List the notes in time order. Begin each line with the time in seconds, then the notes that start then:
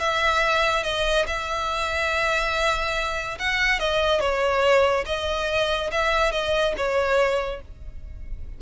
0.00 E5
0.84 D#5
1.28 E5
3.39 F#5
3.80 D#5
4.21 C#5
5.06 D#5
5.92 E5
6.32 D#5
6.78 C#5